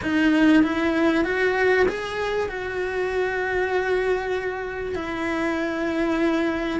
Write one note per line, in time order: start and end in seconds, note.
0.02 0.63 D#4
0.63 1.24 E4
1.24 1.86 F#4
1.88 2.48 G#4
2.48 4.95 F#4
4.95 6.80 E4